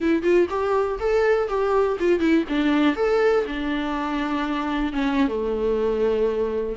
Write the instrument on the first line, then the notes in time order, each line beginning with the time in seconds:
viola
0.00 E4
0.22 F4
0.49 G4
0.99 A4
1.48 G4
1.99 F4
2.19 E4
2.48 D4
2.96 A4
3.46 D4
4.92 C#4
5.28 A3